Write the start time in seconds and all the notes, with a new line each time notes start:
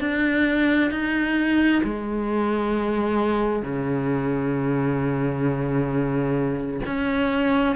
0.00 D4
0.91 D#4
1.83 G#3
3.62 C#3
6.86 C#4